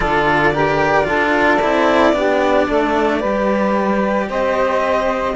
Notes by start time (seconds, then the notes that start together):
0.00 D3 F4 A4 D5
0.53 G4 A#4
1.04 D4 F4 A4
1.61 C4 E4
2.12 B3 D4 G4
2.67 A3 A4
3.19 G3 G4 B4
4.29 C4 C5 D#5